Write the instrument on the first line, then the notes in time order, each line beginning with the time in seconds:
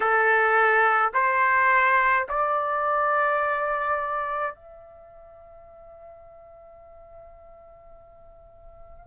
trumpet
0.00 A4
1.13 C5
2.28 D5
4.54 E5